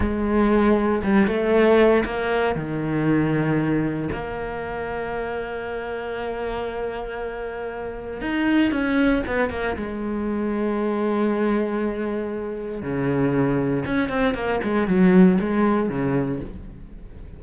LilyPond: \new Staff \with { instrumentName = "cello" } { \time 4/4 \tempo 4 = 117 gis2 g8 a4. | ais4 dis2. | ais1~ | ais1 |
dis'4 cis'4 b8 ais8 gis4~ | gis1~ | gis4 cis2 cis'8 c'8 | ais8 gis8 fis4 gis4 cis4 | }